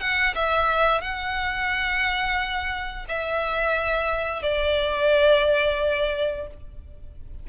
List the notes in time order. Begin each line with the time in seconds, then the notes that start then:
0.00 F#5
0.34 E5
1.01 F#5
3.08 E5
4.42 D5